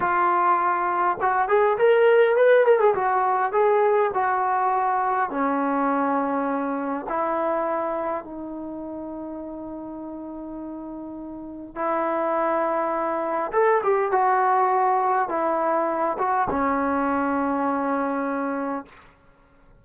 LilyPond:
\new Staff \with { instrumentName = "trombone" } { \time 4/4 \tempo 4 = 102 f'2 fis'8 gis'8 ais'4 | b'8 ais'16 gis'16 fis'4 gis'4 fis'4~ | fis'4 cis'2. | e'2 dis'2~ |
dis'1 | e'2. a'8 g'8 | fis'2 e'4. fis'8 | cis'1 | }